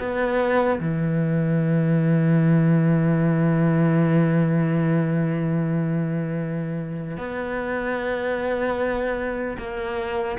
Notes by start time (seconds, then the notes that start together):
0.00 B3
0.81 E3
7.17 B3
9.59 A#3